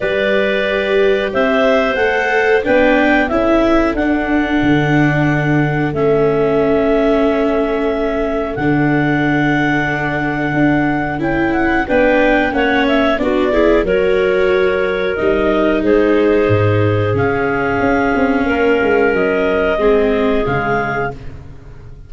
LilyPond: <<
  \new Staff \with { instrumentName = "clarinet" } { \time 4/4 \tempo 4 = 91 d''2 e''4 fis''4 | g''4 e''4 fis''2~ | fis''4 e''2.~ | e''4 fis''2.~ |
fis''4 g''8 fis''8 g''4 fis''8 e''8 | d''4 cis''2 dis''4 | c''2 f''2~ | f''4 dis''2 f''4 | }
  \new Staff \with { instrumentName = "clarinet" } { \time 4/4 b'2 c''2 | b'4 a'2.~ | a'1~ | a'1~ |
a'2 b'4 cis''4 | fis'8 gis'8 ais'2. | gis'1 | ais'2 gis'2 | }
  \new Staff \with { instrumentName = "viola" } { \time 4/4 g'2. a'4 | d'4 e'4 d'2~ | d'4 cis'2.~ | cis'4 d'2.~ |
d'4 e'4 d'4 cis'4 | d'8 e'8 fis'2 dis'4~ | dis'2 cis'2~ | cis'2 c'4 gis4 | }
  \new Staff \with { instrumentName = "tuba" } { \time 4/4 g2 c'4 a4 | b4 cis'4 d'4 d4~ | d4 a2.~ | a4 d2. |
d'4 cis'4 b4 ais4 | b4 fis2 g4 | gis4 gis,4 cis4 cis'8 c'8 | ais8 gis8 fis4 gis4 cis4 | }
>>